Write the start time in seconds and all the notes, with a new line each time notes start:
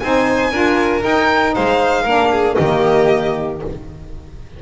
0.00 C4 D#4 C5 G#5
0.51 D4 F4 A#4
1.00 D#4 G5
1.54 G#3 C5 F5
2.03 A#3 D4 A#4
2.31 G#4
2.55 D#3 A#3 G4 D#5